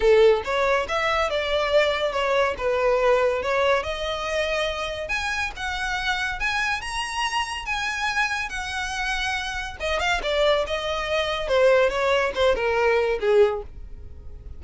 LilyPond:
\new Staff \with { instrumentName = "violin" } { \time 4/4 \tempo 4 = 141 a'4 cis''4 e''4 d''4~ | d''4 cis''4 b'2 | cis''4 dis''2. | gis''4 fis''2 gis''4 |
ais''2 gis''2 | fis''2. dis''8 f''8 | d''4 dis''2 c''4 | cis''4 c''8 ais'4. gis'4 | }